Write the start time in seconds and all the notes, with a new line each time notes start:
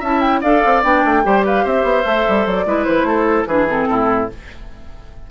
0.00 C#4 E4 E5 A5
0.21 G5
0.41 D4 A4 D5 F5
0.66 C4
0.84 B3 D4 G5
1.05 A3
1.23 G3 G4 C5
1.46 B4 F5
1.64 C4 C5 E5
1.84 B3
2.05 A3 A4
2.29 G3
2.46 F#3 D5
2.66 G#3 E4 B4
2.84 E3 C5
3.04 A3 A4
3.46 E3 D4 G#4 B4
3.68 C4 A4
3.90 A2 E4